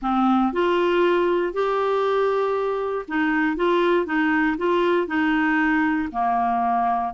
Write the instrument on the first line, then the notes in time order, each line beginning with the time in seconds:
clarinet
0.02 C4
0.52 F4
1.53 G4
3.07 D#4
3.56 F4
4.05 D#4
4.57 F4
5.07 D#4
6.12 A#3